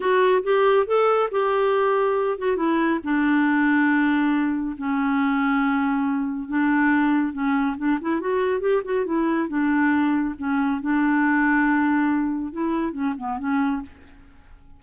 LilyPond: \new Staff \with { instrumentName = "clarinet" } { \time 4/4 \tempo 4 = 139 fis'4 g'4 a'4 g'4~ | g'4. fis'8 e'4 d'4~ | d'2. cis'4~ | cis'2. d'4~ |
d'4 cis'4 d'8 e'8 fis'4 | g'8 fis'8 e'4 d'2 | cis'4 d'2.~ | d'4 e'4 cis'8 b8 cis'4 | }